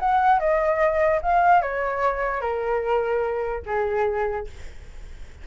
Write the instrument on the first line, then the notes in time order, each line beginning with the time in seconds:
flute
0.00 F#5
0.40 D#5
1.22 F5
1.62 C#5
2.41 A#4
3.66 G#4